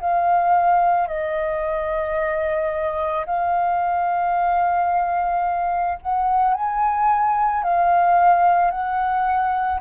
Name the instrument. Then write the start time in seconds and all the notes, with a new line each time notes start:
flute
0.00 F5
1.08 D#5
3.26 F5
6.01 F#5
6.54 G#5
7.63 F5
8.71 F#5